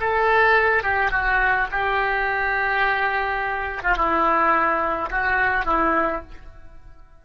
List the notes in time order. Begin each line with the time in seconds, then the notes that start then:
0.00 A4
0.83 G4
1.11 F#4
1.71 G4
3.82 F4
3.96 E4
5.10 F#4
5.65 E4